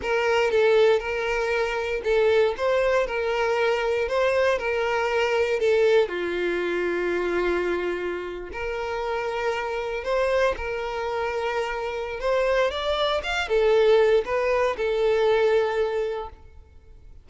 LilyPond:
\new Staff \with { instrumentName = "violin" } { \time 4/4 \tempo 4 = 118 ais'4 a'4 ais'2 | a'4 c''4 ais'2 | c''4 ais'2 a'4 | f'1~ |
f'8. ais'2. c''16~ | c''8. ais'2.~ ais'16 | c''4 d''4 f''8 a'4. | b'4 a'2. | }